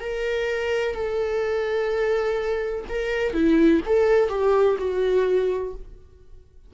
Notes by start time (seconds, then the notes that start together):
0.00 A#4
0.95 A4
2.89 A#4
3.34 E4
3.86 A4
4.29 G4
4.78 F#4